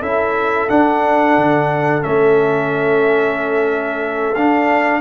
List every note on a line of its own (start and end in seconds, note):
0.00 0.68 C#4
0.00 0.69 E4
0.00 5.00 A4
0.00 0.69 E5
0.69 2.01 D4
0.69 1.37 D4
0.69 2.02 F#5
1.37 2.03 D3
2.01 4.35 A3
2.01 4.35 C#4
2.01 4.35 E5
4.35 5.00 D4
4.35 5.00 F5